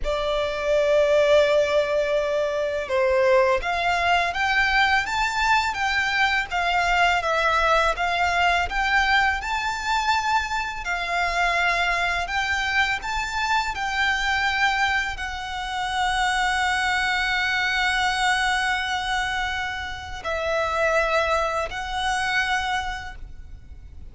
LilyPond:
\new Staff \with { instrumentName = "violin" } { \time 4/4 \tempo 4 = 83 d''1 | c''4 f''4 g''4 a''4 | g''4 f''4 e''4 f''4 | g''4 a''2 f''4~ |
f''4 g''4 a''4 g''4~ | g''4 fis''2.~ | fis''1 | e''2 fis''2 | }